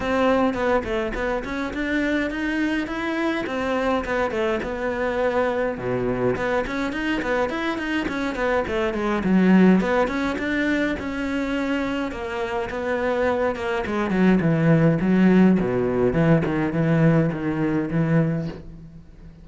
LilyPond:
\new Staff \with { instrumentName = "cello" } { \time 4/4 \tempo 4 = 104 c'4 b8 a8 b8 cis'8 d'4 | dis'4 e'4 c'4 b8 a8 | b2 b,4 b8 cis'8 | dis'8 b8 e'8 dis'8 cis'8 b8 a8 gis8 |
fis4 b8 cis'8 d'4 cis'4~ | cis'4 ais4 b4. ais8 | gis8 fis8 e4 fis4 b,4 | e8 dis8 e4 dis4 e4 | }